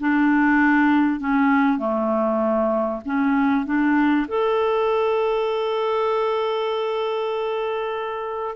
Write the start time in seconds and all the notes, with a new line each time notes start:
0.00 D4
1.20 C#4
1.78 A3
3.05 C#4
3.65 D4
4.28 A4